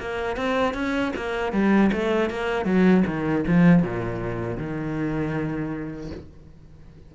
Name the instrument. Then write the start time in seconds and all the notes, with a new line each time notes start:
cello
0.00 A#3
0.36 C4
0.74 C#4
1.16 A#3
1.52 G3
1.92 A3
2.30 A#3
2.65 F#3
3.06 D#3
3.47 F3
3.82 A#2
4.57 D#3